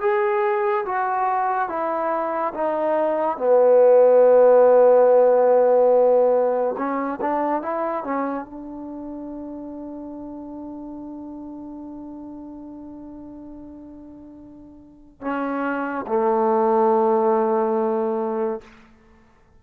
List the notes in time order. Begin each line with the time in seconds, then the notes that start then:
0.00 G#4
0.85 F#4
1.68 E4
2.54 D#4
3.37 B3
6.77 C#4
7.21 D4
7.62 E4
8.04 C#4
8.45 D4
15.21 C#4
16.07 A3